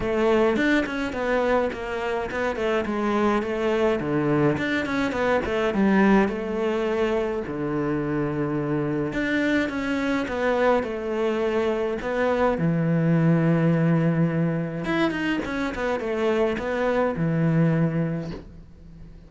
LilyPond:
\new Staff \with { instrumentName = "cello" } { \time 4/4 \tempo 4 = 105 a4 d'8 cis'8 b4 ais4 | b8 a8 gis4 a4 d4 | d'8 cis'8 b8 a8 g4 a4~ | a4 d2. |
d'4 cis'4 b4 a4~ | a4 b4 e2~ | e2 e'8 dis'8 cis'8 b8 | a4 b4 e2 | }